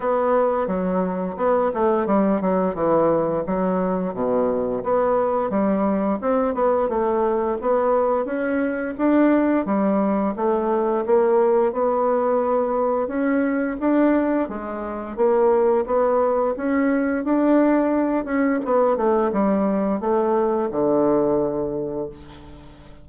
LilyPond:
\new Staff \with { instrumentName = "bassoon" } { \time 4/4 \tempo 4 = 87 b4 fis4 b8 a8 g8 fis8 | e4 fis4 b,4 b4 | g4 c'8 b8 a4 b4 | cis'4 d'4 g4 a4 |
ais4 b2 cis'4 | d'4 gis4 ais4 b4 | cis'4 d'4. cis'8 b8 a8 | g4 a4 d2 | }